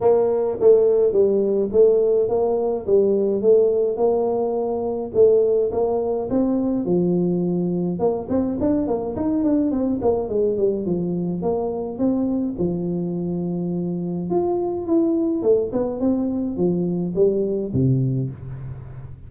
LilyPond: \new Staff \with { instrumentName = "tuba" } { \time 4/4 \tempo 4 = 105 ais4 a4 g4 a4 | ais4 g4 a4 ais4~ | ais4 a4 ais4 c'4 | f2 ais8 c'8 d'8 ais8 |
dis'8 d'8 c'8 ais8 gis8 g8 f4 | ais4 c'4 f2~ | f4 f'4 e'4 a8 b8 | c'4 f4 g4 c4 | }